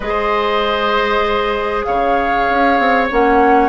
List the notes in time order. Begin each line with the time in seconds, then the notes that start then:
0.00 G#3 G#4 C5 D#5
1.84 C#3 C#5 F5
2.49 C#4
2.79 C4
3.10 A#3 C#4 F#5